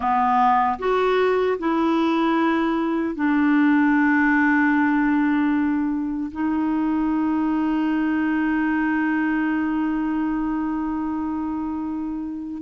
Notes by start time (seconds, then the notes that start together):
0.00 B3
0.79 F#4
1.58 E4
3.15 D4
6.31 D#4